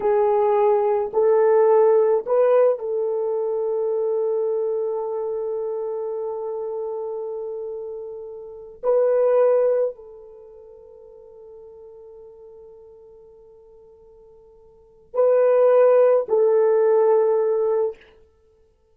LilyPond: \new Staff \with { instrumentName = "horn" } { \time 4/4 \tempo 4 = 107 gis'2 a'2 | b'4 a'2.~ | a'1~ | a'2.~ a'8. b'16~ |
b'4.~ b'16 a'2~ a'16~ | a'1~ | a'2. b'4~ | b'4 a'2. | }